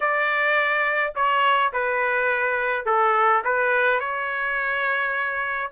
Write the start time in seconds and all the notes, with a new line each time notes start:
0.00 D5
1.15 C#5
1.72 B4
2.85 A4
3.44 B4
3.99 C#5